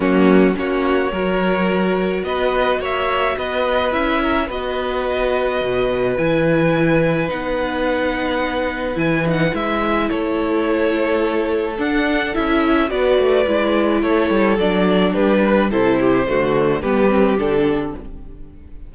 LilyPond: <<
  \new Staff \with { instrumentName = "violin" } { \time 4/4 \tempo 4 = 107 fis'4 cis''2. | dis''4 e''4 dis''4 e''4 | dis''2. gis''4~ | gis''4 fis''2. |
gis''8 fis''8 e''4 cis''2~ | cis''4 fis''4 e''4 d''4~ | d''4 cis''4 d''4 b'4 | c''2 b'4 a'4 | }
  \new Staff \with { instrumentName = "violin" } { \time 4/4 cis'4 fis'4 ais'2 | b'4 cis''4 b'4. ais'8 | b'1~ | b'1~ |
b'2 a'2~ | a'2. b'4~ | b'4 a'2 g'8 b'8 | a'8 g'8 fis'4 g'2 | }
  \new Staff \with { instrumentName = "viola" } { \time 4/4 ais4 cis'4 fis'2~ | fis'2. e'4 | fis'2. e'4~ | e'4 dis'2. |
e'8 dis'8 e'2.~ | e'4 d'4 e'4 fis'4 | e'2 d'2 | e'4 a4 b8 c'8 d'4 | }
  \new Staff \with { instrumentName = "cello" } { \time 4/4 fis4 ais4 fis2 | b4 ais4 b4 cis'4 | b2 b,4 e4~ | e4 b2. |
e4 gis4 a2~ | a4 d'4 cis'4 b8 a8 | gis4 a8 g8 fis4 g4 | c4 d4 g4 d4 | }
>>